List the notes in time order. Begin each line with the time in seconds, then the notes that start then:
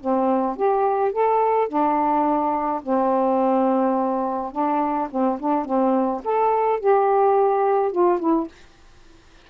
0.00 C4
0.56 G4
1.12 A4
1.68 D4
2.83 C4
4.52 D4
5.10 C4
5.39 D4
5.65 C4
6.24 A4
6.80 G4
7.91 F4
8.19 E4